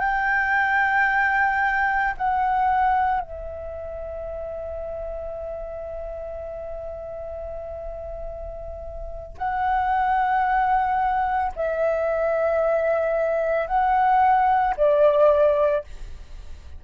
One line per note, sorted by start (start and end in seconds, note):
0.00 2.14 G5
2.18 3.21 F#5
3.21 9.37 E5
9.38 11.52 F#5
11.56 13.68 E5
13.68 14.75 F#5
14.78 15.85 D5